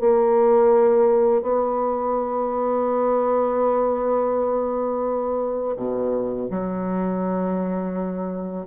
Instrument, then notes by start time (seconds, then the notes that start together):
bassoon
0.00 A#3
1.42 B3
5.76 B2
6.51 F#3